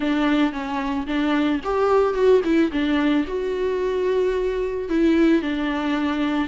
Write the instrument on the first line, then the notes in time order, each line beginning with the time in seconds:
viola
0.00 D4
0.52 C#4
1.06 D4
1.63 G4
2.14 F#4
2.44 E4
2.72 D4
3.27 F#4
4.89 E4
5.42 D4